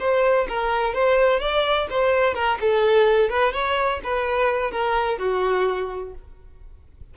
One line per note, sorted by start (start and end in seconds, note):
0.00 0.48 C5
0.49 0.94 A#4
0.94 1.40 C5
1.40 1.88 D5
1.90 2.35 C5
2.35 2.59 A#4
2.61 3.30 A4
3.30 3.53 B4
3.53 4.01 C#5
4.04 4.72 B4
4.72 5.19 A#4
5.19 6.14 F#4